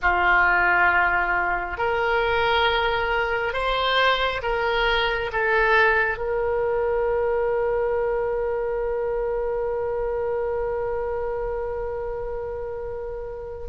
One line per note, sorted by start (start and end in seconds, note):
0.02 1.77 F4
1.77 3.53 A#4
3.53 4.41 C5
4.42 5.30 A#4
5.32 6.17 A4
6.17 13.67 A#4